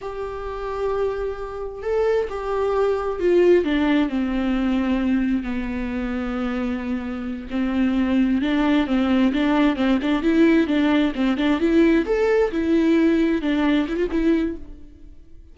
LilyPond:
\new Staff \with { instrumentName = "viola" } { \time 4/4 \tempo 4 = 132 g'1 | a'4 g'2 f'4 | d'4 c'2. | b1~ |
b8 c'2 d'4 c'8~ | c'8 d'4 c'8 d'8 e'4 d'8~ | d'8 c'8 d'8 e'4 a'4 e'8~ | e'4. d'4 e'16 f'16 e'4 | }